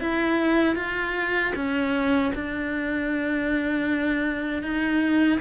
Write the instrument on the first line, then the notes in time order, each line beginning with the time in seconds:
cello
0.00 E4
0.76 F4
1.55 C#4
2.35 D4
4.63 D#4